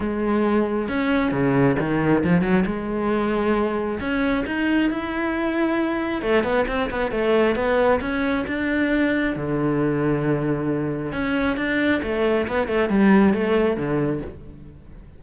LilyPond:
\new Staff \with { instrumentName = "cello" } { \time 4/4 \tempo 4 = 135 gis2 cis'4 cis4 | dis4 f8 fis8 gis2~ | gis4 cis'4 dis'4 e'4~ | e'2 a8 b8 c'8 b8 |
a4 b4 cis'4 d'4~ | d'4 d2.~ | d4 cis'4 d'4 a4 | b8 a8 g4 a4 d4 | }